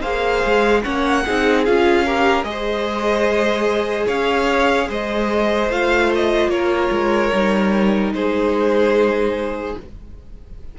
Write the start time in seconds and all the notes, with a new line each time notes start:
0.00 A#3 G#4 C5 F5
0.44 G#3
0.83 A#3 C#4 C#5 F#5
1.25 C4 D#4 G#4
1.65 C#4 F4 F5
2.05 G4 A#4
2.43 G#3 G#4 D#5
2.50 C5
4.06 C#4 C#5 F5
4.89 G#3 C5 D#5
5.69 A3 F4 F5
6.15 D#5
6.48 A#3 A#4 C#5
6.91 G#3
7.33 G3 D#4
8.13 G#3 G#4 C5